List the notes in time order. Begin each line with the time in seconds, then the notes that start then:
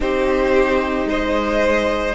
0.00 C4 D#4 G4 C5
1.05 G#3 C5 D#5